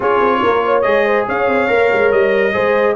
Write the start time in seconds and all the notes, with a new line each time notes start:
0.00 C#4 F4 G#4 C#5
0.21 C4
0.42 A#3 A#4
0.65 C#5
0.81 G#3 G#4 D#5
1.05 C5
1.28 C#4 C#5 F5
1.47 C4
1.68 A#3 A#4
1.92 G#3
2.11 G3 D#5
2.53 G#3 G#4 C5